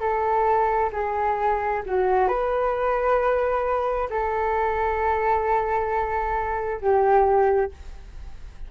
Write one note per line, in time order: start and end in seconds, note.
0.00 0.90 A4
0.92 1.82 G#4
1.86 2.28 F#4
2.28 4.08 B4
4.10 6.81 A4
6.81 7.71 G4